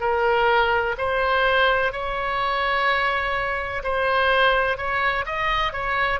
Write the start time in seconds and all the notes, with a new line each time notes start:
0.00 A#4
0.97 C5
1.92 C#5
3.83 C5
4.77 C#5
5.26 D#5
5.72 C#5